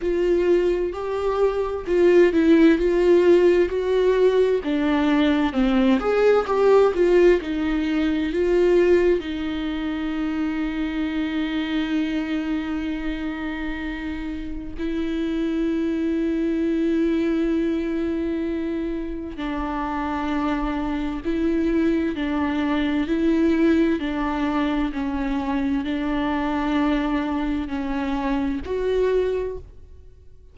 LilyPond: \new Staff \with { instrumentName = "viola" } { \time 4/4 \tempo 4 = 65 f'4 g'4 f'8 e'8 f'4 | fis'4 d'4 c'8 gis'8 g'8 f'8 | dis'4 f'4 dis'2~ | dis'1 |
e'1~ | e'4 d'2 e'4 | d'4 e'4 d'4 cis'4 | d'2 cis'4 fis'4 | }